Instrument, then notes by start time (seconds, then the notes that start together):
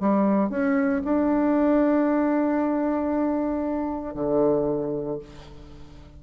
bassoon
0.00 G3
0.50 C#4
1.04 D4
4.15 D3